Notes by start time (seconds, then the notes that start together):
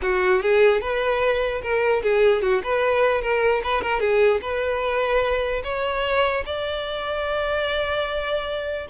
0.01 F#4
0.42 G#4
0.81 B4
1.62 A#4
2.02 G#4
2.41 F#4
2.63 B4
3.21 A#4
3.63 B4
3.81 A#4
4.00 G#4
4.41 B4
5.63 C#5
6.45 D5